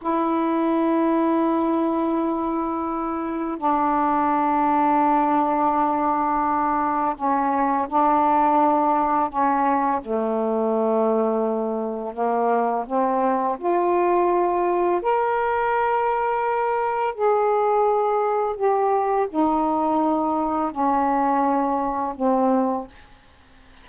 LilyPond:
\new Staff \with { instrumentName = "saxophone" } { \time 4/4 \tempo 4 = 84 e'1~ | e'4 d'2.~ | d'2 cis'4 d'4~ | d'4 cis'4 a2~ |
a4 ais4 c'4 f'4~ | f'4 ais'2. | gis'2 g'4 dis'4~ | dis'4 cis'2 c'4 | }